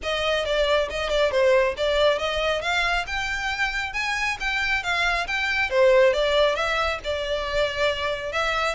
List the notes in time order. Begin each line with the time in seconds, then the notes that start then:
0.02 D#5
0.45 D5
0.89 D#5
1.09 D5
1.31 C5
1.77 D5
2.18 D#5
2.61 F5
3.06 G5
3.93 G#5
4.39 G5
4.83 F5
5.27 G5
5.70 C5
6.13 D5
6.55 E5
7.04 D5
8.32 E5